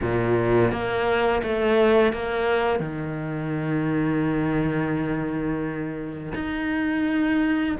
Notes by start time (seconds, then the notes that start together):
0.01 A#2
0.71 A#3
1.42 A3
2.12 A#3
2.79 D#3
6.34 D#4